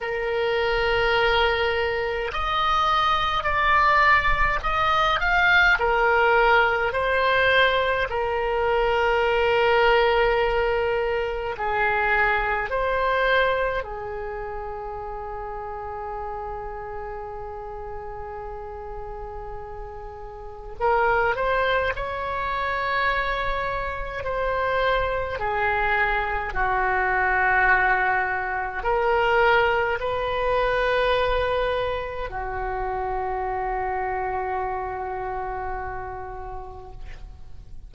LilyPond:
\new Staff \with { instrumentName = "oboe" } { \time 4/4 \tempo 4 = 52 ais'2 dis''4 d''4 | dis''8 f''8 ais'4 c''4 ais'4~ | ais'2 gis'4 c''4 | gis'1~ |
gis'2 ais'8 c''8 cis''4~ | cis''4 c''4 gis'4 fis'4~ | fis'4 ais'4 b'2 | fis'1 | }